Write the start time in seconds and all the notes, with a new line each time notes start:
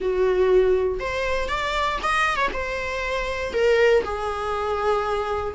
0.00 F#4
0.99 C5
1.48 D5
2.02 D#5
2.36 C#5
2.53 C5
3.53 A#4
4.04 G#4